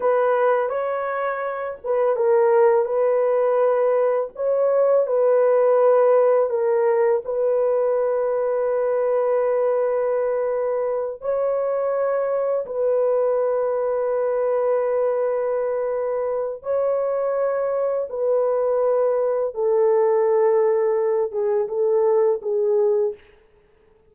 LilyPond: \new Staff \with { instrumentName = "horn" } { \time 4/4 \tempo 4 = 83 b'4 cis''4. b'8 ais'4 | b'2 cis''4 b'4~ | b'4 ais'4 b'2~ | b'2.~ b'8 cis''8~ |
cis''4. b'2~ b'8~ | b'2. cis''4~ | cis''4 b'2 a'4~ | a'4. gis'8 a'4 gis'4 | }